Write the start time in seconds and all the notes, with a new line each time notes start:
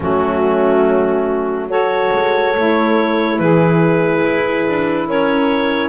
0.00 F#3 A3 C#4 F#4
1.69 F#4 A4 C#5
2.12 G#3
2.56 A3 E4
3.39 E3 G#4 B4
4.24 E4
4.67 D4
5.07 C#4 A#4 C#5